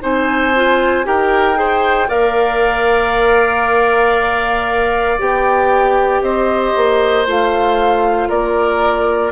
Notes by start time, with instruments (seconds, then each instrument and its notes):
0.00 bassoon C4, clarinet D#4, oboe C5, flute G#5
0.55 clarinet F4
1.04 bassoon D#4, clarinet G4, oboe A#4, flute G5
1.55 clarinet G#4, oboe C5
2.08 bassoon A#3, clarinet A#4, oboe D5, flute F5
5.18 bassoon B3, clarinet G4, flute G5
6.21 bassoon C4, oboe C5, flute D#5
6.76 bassoon A#3
7.25 bassoon A3, clarinet F4, flute F5
8.28 bassoon A#3, oboe A#4, flute D5